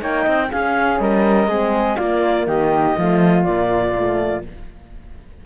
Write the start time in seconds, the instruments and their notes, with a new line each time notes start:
0.00 cello A#3, horn D#4, flute C#5, clarinet G5
0.22 cello C4, flute D#5
0.51 horn C#4, cello C#4, flute G#4, clarinet F5
0.99 cello G3, flute A#4, clarinet D#5
1.47 cello G#3, horn C4, flute G#4
1.96 cello A#3, horn A#3, flute F4, clarinet D5
2.47 cello D#3, flute G4, clarinet D#5
2.97 cello F3, horn A3, flute F4
3.43 cello A#2, horn A#3, clarinet D5
3.94 horn A3